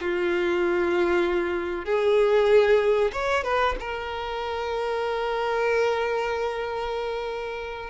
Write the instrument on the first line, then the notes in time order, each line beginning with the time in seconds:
violin
0.00 F4
1.85 G#4
3.12 C#5
3.43 B4
3.80 A#4